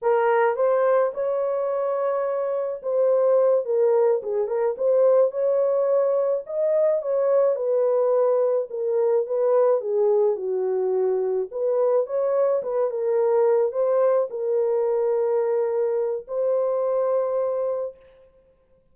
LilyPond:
\new Staff \with { instrumentName = "horn" } { \time 4/4 \tempo 4 = 107 ais'4 c''4 cis''2~ | cis''4 c''4. ais'4 gis'8 | ais'8 c''4 cis''2 dis''8~ | dis''8 cis''4 b'2 ais'8~ |
ais'8 b'4 gis'4 fis'4.~ | fis'8 b'4 cis''4 b'8 ais'4~ | ais'8 c''4 ais'2~ ais'8~ | ais'4 c''2. | }